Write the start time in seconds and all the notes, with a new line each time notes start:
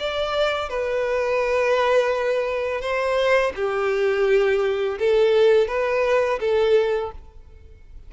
0.00 D5
0.69 B4
2.81 C5
3.56 G4
4.99 A4
5.68 B4
6.40 A4